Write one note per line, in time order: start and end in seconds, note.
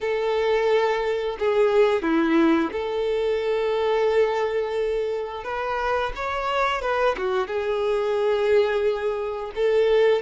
0.00 1.37 A4
1.39 2.02 G#4
2.02 2.70 E4
2.72 5.44 A4
5.44 6.12 B4
6.15 6.81 C#5
6.81 7.15 B4
7.17 7.47 F#4
7.47 9.51 G#4
9.55 10.21 A4